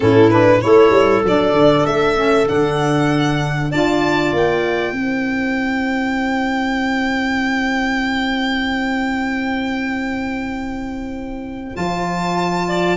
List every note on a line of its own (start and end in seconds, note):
0.00 0.63 A2
0.00 0.30 C#4
0.00 0.62 E4
0.00 0.30 A4
0.30 0.61 D4
0.30 0.61 B4
0.61 0.90 A3
0.61 1.23 E4
0.61 3.71 A4
0.61 1.23 C#5
0.90 1.21 G3
1.23 1.52 F#3
1.23 2.16 D4
1.23 1.85 D5
1.52 1.83 D3
1.85 2.48 A3
1.85 2.47 E5
2.16 2.46 C#4
2.46 3.72 D3
2.46 3.70 D4
2.46 3.71 F#5
3.71 4.32 D4
3.71 4.96 F4
3.71 4.92 D5
3.71 4.33 A5
4.32 4.92 A#3
4.32 11.76 G5
4.92 11.72 C4
4.92 11.73 E4
4.92 12.66 C5
11.73 12.96 F3
11.73 12.96 F4
11.73 12.96 A5
12.68 12.96 D5